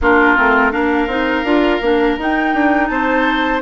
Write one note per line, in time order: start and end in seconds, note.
0.01 0.37 A#3
0.01 0.36 D4
0.01 0.72 F4
0.01 0.71 A#4
0.36 0.73 A3
0.36 0.71 C4
0.71 1.07 A#3
0.71 1.07 D4
0.71 2.89 A#4
0.71 2.16 F5
1.07 1.43 C4
1.07 1.45 D#4
1.43 1.79 D4
1.43 1.81 F4
1.81 2.17 A#3
1.81 2.18 D4
2.17 2.54 D#4
2.17 3.61 D#4
2.17 2.87 G5
2.54 2.89 D4
2.87 3.61 C4
2.87 3.61 C5
2.87 3.59 A5